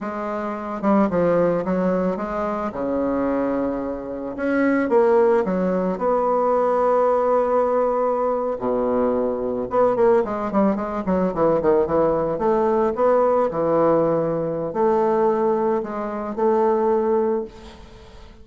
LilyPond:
\new Staff \with { instrumentName = "bassoon" } { \time 4/4 \tempo 4 = 110 gis4. g8 f4 fis4 | gis4 cis2. | cis'4 ais4 fis4 b4~ | b2.~ b8. b,16~ |
b,4.~ b,16 b8 ais8 gis8 g8 gis16~ | gis16 fis8 e8 dis8 e4 a4 b16~ | b8. e2~ e16 a4~ | a4 gis4 a2 | }